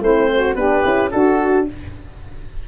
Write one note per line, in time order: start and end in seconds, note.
0.00 0.55 A3
0.00 0.55 C4
0.00 0.29 E4
0.00 0.55 C5
0.33 0.56 F#4
0.55 0.82 B3
0.55 0.83 D4
0.55 1.11 G4
0.55 1.10 B4
0.83 1.11 C#4
0.83 1.10 E4
1.11 1.67 D4
1.11 1.66 F#4
1.11 1.67 F#4
1.11 1.65 A4